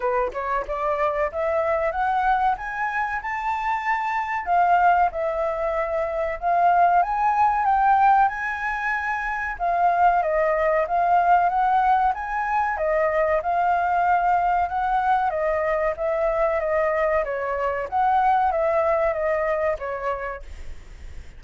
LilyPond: \new Staff \with { instrumentName = "flute" } { \time 4/4 \tempo 4 = 94 b'8 cis''8 d''4 e''4 fis''4 | gis''4 a''2 f''4 | e''2 f''4 gis''4 | g''4 gis''2 f''4 |
dis''4 f''4 fis''4 gis''4 | dis''4 f''2 fis''4 | dis''4 e''4 dis''4 cis''4 | fis''4 e''4 dis''4 cis''4 | }